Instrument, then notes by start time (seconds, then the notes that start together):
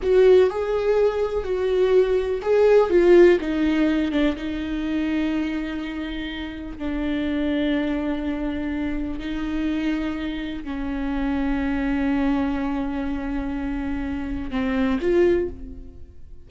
viola
0.02 F#4
0.50 G#4
1.44 F#4
2.41 G#4
2.90 F4
3.40 D#4
4.11 D4
4.35 D#4
6.77 D4
9.19 D#4
10.64 C#4
14.50 C4
15.00 F4